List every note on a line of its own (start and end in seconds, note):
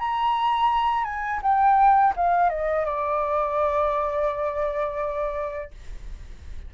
0.00 1.05 A#5
1.05 1.40 G#5
1.43 2.14 G5
2.17 2.50 F5
2.50 2.86 D#5
2.86 5.71 D5